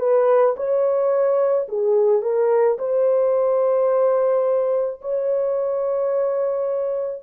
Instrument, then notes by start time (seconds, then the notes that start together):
horn
0.00 B4
0.57 C#5
1.69 G#4
2.23 A#4
2.79 C5
5.02 C#5